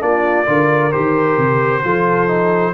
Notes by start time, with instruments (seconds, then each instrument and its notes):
0.00 tuba A#3, trombone D4, horn F4, trumpet D5
0.46 tuba D3, trombone F4, horn A#4
0.92 tuba D#3, trombone G4, trumpet C5
1.38 tuba C3
1.84 tuba F3, trombone F4, horn A4
2.28 trombone D#4